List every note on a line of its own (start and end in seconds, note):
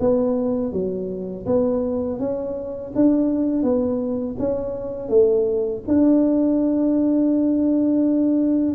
0.00 0.73 B3
0.73 1.46 F#3
1.46 2.19 B3
2.19 2.92 C#4
2.95 3.63 D4
3.63 4.36 B3
4.39 5.09 C#4
5.09 5.82 A3
5.88 8.75 D4